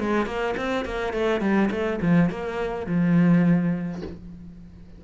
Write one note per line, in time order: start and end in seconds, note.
0.00 0.26 G#3
0.26 0.55 A#3
0.57 0.86 C4
0.86 1.14 A#3
1.14 1.41 A3
1.41 1.70 G3
1.72 2.00 A3
2.02 2.31 F3
2.31 2.87 A#3
2.87 4.03 F3